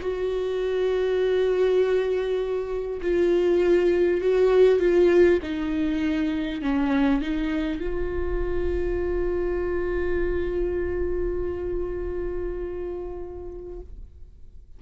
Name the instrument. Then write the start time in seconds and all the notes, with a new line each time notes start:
viola
0.00 F#4
3.01 F4
4.21 F#4
4.79 F4
5.42 D#4
6.62 C#4
7.21 D#4
7.79 F4